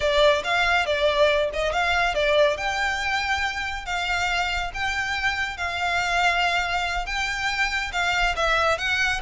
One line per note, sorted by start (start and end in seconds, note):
0.00 0.42 D5
0.44 0.86 F5
0.86 1.50 D5
1.53 1.72 D#5
1.72 2.14 F5
2.14 2.57 D5
2.57 3.85 G5
3.85 4.71 F5
4.74 5.57 G5
5.57 7.06 F5
7.06 7.91 G5
7.92 8.35 F5
8.36 8.77 E5
8.77 9.20 F#5